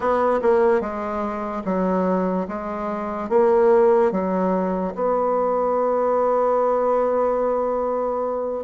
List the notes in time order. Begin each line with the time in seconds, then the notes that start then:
0.00 B3
0.41 A#3
0.80 G#3
1.64 F#3
2.48 G#3
3.29 A#3
4.11 F#3
4.95 B3